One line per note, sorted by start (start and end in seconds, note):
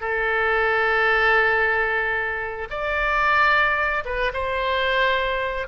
0.00 2.68 A4
2.70 4.03 D5
4.05 4.31 B4
4.33 5.67 C5